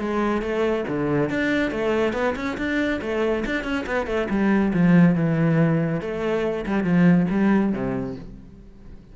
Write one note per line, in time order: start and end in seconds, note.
0.00 0.42 G#3
0.42 0.85 A3
0.88 1.30 D3
1.30 1.71 D4
1.71 2.13 A3
2.13 2.35 B3
2.36 2.57 C#4
2.58 3.01 D4
3.02 3.45 A3
3.46 3.64 D4
3.64 3.85 C#4
3.86 4.07 B3
4.07 4.28 A3
4.30 4.73 G3
4.74 5.16 F3
5.16 6.01 E3
6.01 6.65 A3
6.66 6.84 G3
6.84 7.27 F3
7.30 7.73 G3
7.73 8.16 C3